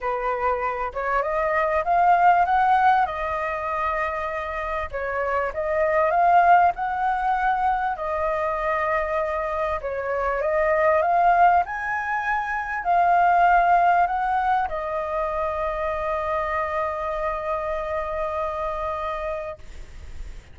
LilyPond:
\new Staff \with { instrumentName = "flute" } { \time 4/4 \tempo 4 = 98 b'4. cis''8 dis''4 f''4 | fis''4 dis''2. | cis''4 dis''4 f''4 fis''4~ | fis''4 dis''2. |
cis''4 dis''4 f''4 gis''4~ | gis''4 f''2 fis''4 | dis''1~ | dis''1 | }